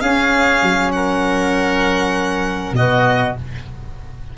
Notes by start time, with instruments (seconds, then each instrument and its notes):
0.00 saxophone C#4, tuba C#4, oboe G#4, violin F5
0.62 tuba F#3
0.92 oboe A#4, violin F#5
2.72 tuba B2, saxophone B3, oboe F#4, violin D#5